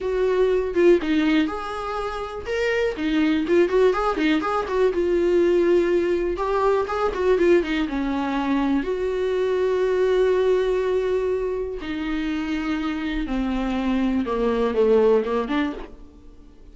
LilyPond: \new Staff \with { instrumentName = "viola" } { \time 4/4 \tempo 4 = 122 fis'4. f'8 dis'4 gis'4~ | gis'4 ais'4 dis'4 f'8 fis'8 | gis'8 dis'8 gis'8 fis'8 f'2~ | f'4 g'4 gis'8 fis'8 f'8 dis'8 |
cis'2 fis'2~ | fis'1 | dis'2. c'4~ | c'4 ais4 a4 ais8 d'8 | }